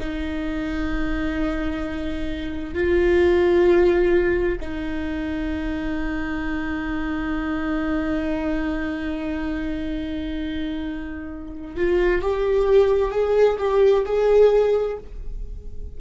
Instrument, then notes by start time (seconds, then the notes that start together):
viola
0.00 D#4
2.74 F4
4.61 D#4
11.77 F4
12.22 G4
13.12 G#4
13.59 G4
14.06 G#4